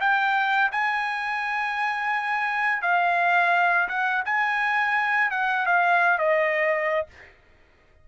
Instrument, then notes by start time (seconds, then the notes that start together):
trumpet
0.00 G5
0.72 G#5
2.82 F5
3.88 F#5
4.25 G#5
5.31 F#5
5.66 F5
6.19 D#5